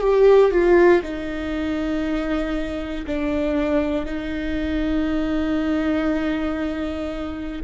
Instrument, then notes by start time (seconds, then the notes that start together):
viola
0.00 G4
0.51 F4
1.02 D#4
3.06 D4
4.05 D#4